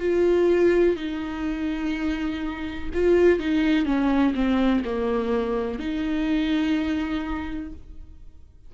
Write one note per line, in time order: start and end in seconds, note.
0.00 0.96 F4
0.96 2.90 D#4
2.94 3.39 F4
3.39 3.85 D#4
3.85 4.34 C#4
4.35 4.83 C4
4.84 5.79 A#3
5.79 7.72 D#4